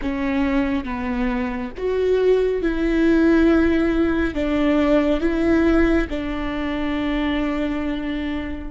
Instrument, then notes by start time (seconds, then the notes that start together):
viola
0.01 C#4
0.84 B3
1.77 F#4
2.62 E4
4.34 D4
5.20 E4
6.09 D4